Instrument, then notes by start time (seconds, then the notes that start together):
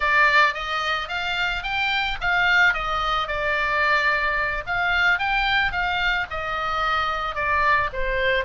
oboe
0.00 D5
0.53 D#5
1.08 F5
1.63 G5
2.21 F5
2.73 D#5
3.27 D5
4.66 F5
5.18 G5
5.71 F5
6.30 D#5
7.35 D5
7.92 C5